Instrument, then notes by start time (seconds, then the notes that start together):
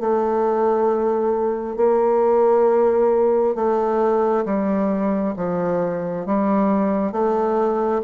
bassoon
0.00 A3
1.77 A#3
3.55 A3
4.46 G3
5.37 F3
6.26 G3
7.12 A3